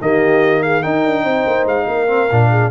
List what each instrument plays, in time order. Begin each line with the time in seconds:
0.00 tuba D#3, trombone A#3, horn G4, trumpet D#5
0.62 horn G#4, trumpet F5
0.81 trombone D#4, tuba D#4, horn A#4, trumpet G5
1.04 tuba D4
1.23 tuba C4, horn C5
1.46 tuba A#3
1.65 tuba G#3, trumpet F5
1.87 tuba A#3, horn A#4
2.07 trombone C4
2.31 tuba A#2, trombone D4
2.50 horn G#4